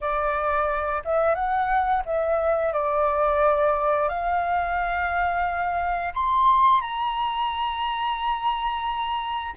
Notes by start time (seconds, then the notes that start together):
0.00 D5
1.04 E5
1.35 F#5
2.05 E5
2.72 D5
4.08 F5
6.14 C6
6.81 A#5